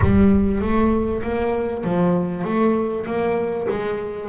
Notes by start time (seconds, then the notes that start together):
0.02 G3
0.61 A3
1.22 A#3
1.84 F3
2.44 A3
3.06 A#3
3.69 G#3